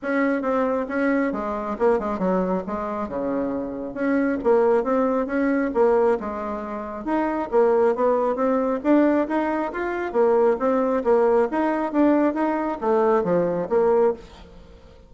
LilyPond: \new Staff \with { instrumentName = "bassoon" } { \time 4/4 \tempo 4 = 136 cis'4 c'4 cis'4 gis4 | ais8 gis8 fis4 gis4 cis4~ | cis4 cis'4 ais4 c'4 | cis'4 ais4 gis2 |
dis'4 ais4 b4 c'4 | d'4 dis'4 f'4 ais4 | c'4 ais4 dis'4 d'4 | dis'4 a4 f4 ais4 | }